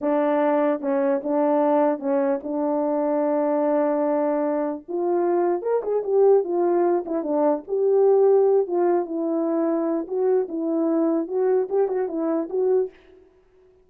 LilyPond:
\new Staff \with { instrumentName = "horn" } { \time 4/4 \tempo 4 = 149 d'2 cis'4 d'4~ | d'4 cis'4 d'2~ | d'1 | f'2 ais'8 gis'8 g'4 |
f'4. e'8 d'4 g'4~ | g'4. f'4 e'4.~ | e'4 fis'4 e'2 | fis'4 g'8 fis'8 e'4 fis'4 | }